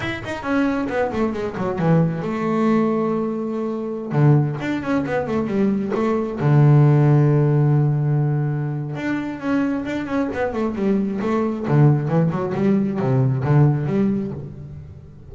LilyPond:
\new Staff \with { instrumentName = "double bass" } { \time 4/4 \tempo 4 = 134 e'8 dis'8 cis'4 b8 a8 gis8 fis8 | e4 a2.~ | a4~ a16 d4 d'8 cis'8 b8 a16~ | a16 g4 a4 d4.~ d16~ |
d1 | d'4 cis'4 d'8 cis'8 b8 a8 | g4 a4 d4 e8 fis8 | g4 c4 d4 g4 | }